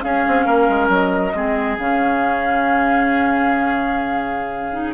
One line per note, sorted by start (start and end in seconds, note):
0.00 1.31 C#4
0.00 0.25 C#4
0.00 0.45 G#4
0.00 0.89 F5
0.28 0.46 C4
0.45 0.68 A#3
0.45 1.33 A#4
0.69 0.89 G#3
0.89 1.32 F#3
0.89 1.77 D#5
1.34 1.78 G#3
1.34 1.78 C4
1.34 4.94 G#4
1.77 4.94 C#3
1.77 4.73 C#4
1.77 4.94 F5
4.73 4.94 D#4